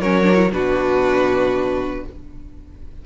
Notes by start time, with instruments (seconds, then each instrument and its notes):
0.00 cello F#3, viola C#4, violin A#4 C#5
0.23 viola D4
0.34 viola E4
0.51 cello B2, viola D4, violin F#4 B4